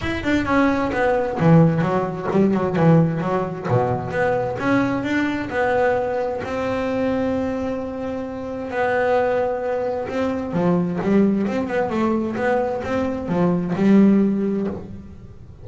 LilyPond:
\new Staff \with { instrumentName = "double bass" } { \time 4/4 \tempo 4 = 131 e'8 d'8 cis'4 b4 e4 | fis4 g8 fis8 e4 fis4 | b,4 b4 cis'4 d'4 | b2 c'2~ |
c'2. b4~ | b2 c'4 f4 | g4 c'8 b8 a4 b4 | c'4 f4 g2 | }